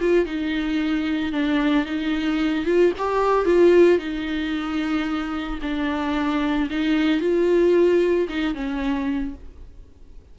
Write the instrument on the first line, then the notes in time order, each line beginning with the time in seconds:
viola
0.00 F4
0.25 D#4
1.32 D4
1.85 D#4
2.65 F4
2.98 G4
3.45 F4
3.98 D#4
5.62 D4
6.70 D#4
7.20 F4
8.28 D#4
8.54 C#4